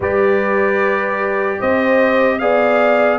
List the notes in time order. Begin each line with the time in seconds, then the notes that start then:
0.00 G3 G4 B4 D5
1.59 C4 C5 D#5
2.38 B3 G#4 D5 F5